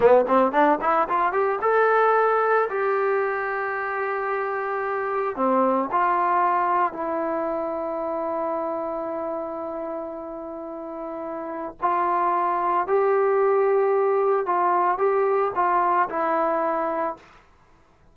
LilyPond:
\new Staff \with { instrumentName = "trombone" } { \time 4/4 \tempo 4 = 112 b8 c'8 d'8 e'8 f'8 g'8 a'4~ | a'4 g'2.~ | g'2 c'4 f'4~ | f'4 e'2.~ |
e'1~ | e'2 f'2 | g'2. f'4 | g'4 f'4 e'2 | }